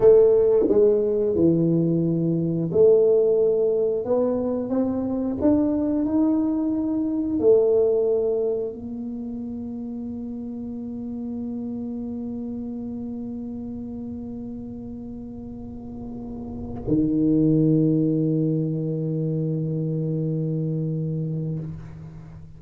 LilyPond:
\new Staff \with { instrumentName = "tuba" } { \time 4/4 \tempo 4 = 89 a4 gis4 e2 | a2 b4 c'4 | d'4 dis'2 a4~ | a4 ais2.~ |
ais1~ | ais1~ | ais4 dis2.~ | dis1 | }